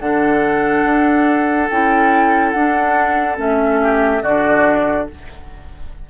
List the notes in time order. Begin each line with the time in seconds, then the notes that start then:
0.00 D3 D4 A4 F#5
0.85 D4
1.70 C#4 E4 G5
2.52 D4 F#5
3.37 A3 C#4 E5
3.82 G4
4.23 D3 D4 F#4 D5